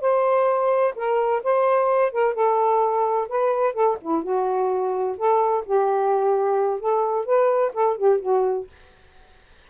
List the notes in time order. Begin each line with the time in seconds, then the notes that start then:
0.00 C5
0.95 A#4
1.43 C5
2.11 A#4
2.34 A4
3.28 B4
3.74 A4
4.01 E4
4.23 F#4
5.17 A4
5.65 G4
6.79 A4
7.25 B4
7.73 A4
7.97 G4
8.20 F#4